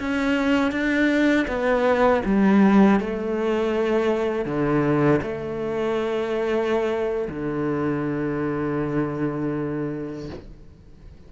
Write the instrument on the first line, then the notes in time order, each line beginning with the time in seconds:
cello
0.00 C#4
0.72 D4
1.48 B3
2.26 G3
3.00 A3
4.46 D3
5.23 A3
7.30 D3